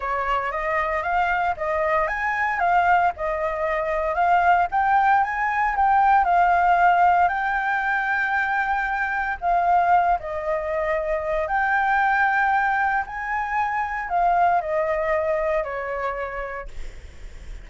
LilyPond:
\new Staff \with { instrumentName = "flute" } { \time 4/4 \tempo 4 = 115 cis''4 dis''4 f''4 dis''4 | gis''4 f''4 dis''2 | f''4 g''4 gis''4 g''4 | f''2 g''2~ |
g''2 f''4. dis''8~ | dis''2 g''2~ | g''4 gis''2 f''4 | dis''2 cis''2 | }